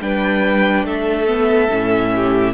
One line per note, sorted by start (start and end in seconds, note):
0.00 0.83 G3
0.00 1.27 D4
0.00 0.85 B4
0.00 0.86 G5
0.83 1.68 A3
0.83 2.11 A4
0.83 2.54 E5
1.27 1.69 B3
1.70 2.54 A2
1.70 2.54 C#4
2.15 2.54 G4